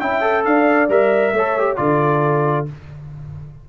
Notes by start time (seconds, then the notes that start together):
0.00 C#4 E4 E5 G5
0.21 A4
0.45 D4 D5 F5
0.89 G3 A#4 E5
1.32 A3 A4 C#5
1.59 G4
1.77 D3 F4 A4 D5